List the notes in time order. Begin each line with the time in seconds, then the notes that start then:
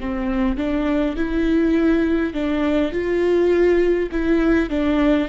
0.00 C4
0.58 D4
1.16 E4
2.34 D4
2.93 F4
4.12 E4
4.70 D4